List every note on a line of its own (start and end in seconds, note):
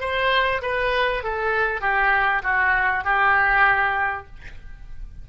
0.00 0.61 C5
0.62 1.23 B4
1.24 1.81 A4
1.81 2.42 G4
2.43 3.04 F#4
3.04 4.27 G4